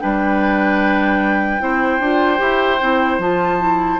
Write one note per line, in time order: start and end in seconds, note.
0.00 1.60 G3
0.00 1.60 D4
0.00 1.62 B4
0.00 3.21 G5
1.60 2.00 C4
1.60 2.00 E4
1.60 4.00 C5
2.00 2.40 D4
2.00 2.38 F4
2.38 2.81 E4
2.38 2.78 G4
2.81 3.19 C4
2.81 3.21 E4
3.19 3.99 F3
3.19 3.59 F4
3.19 4.00 A5
3.59 3.99 E4